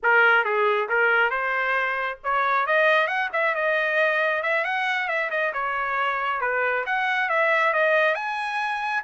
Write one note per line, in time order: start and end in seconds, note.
0.02 0.44 A#4
0.44 0.88 G#4
0.88 1.30 A#4
1.30 2.18 C5
2.23 2.66 C#5
2.66 3.07 D#5
3.07 3.29 F#5
3.32 3.54 E5
3.54 4.42 D#5
4.42 4.64 E5
4.64 5.08 F#5
5.08 5.30 E5
5.30 5.52 D#5
5.53 6.40 C#5
6.40 6.84 B4
6.85 7.29 F#5
7.29 7.73 E5
7.73 8.14 D#5
8.14 9.02 G#5